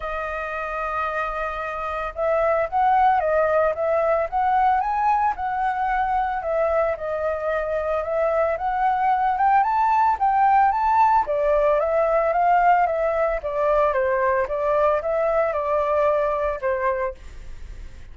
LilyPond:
\new Staff \with { instrumentName = "flute" } { \time 4/4 \tempo 4 = 112 dis''1 | e''4 fis''4 dis''4 e''4 | fis''4 gis''4 fis''2 | e''4 dis''2 e''4 |
fis''4. g''8 a''4 g''4 | a''4 d''4 e''4 f''4 | e''4 d''4 c''4 d''4 | e''4 d''2 c''4 | }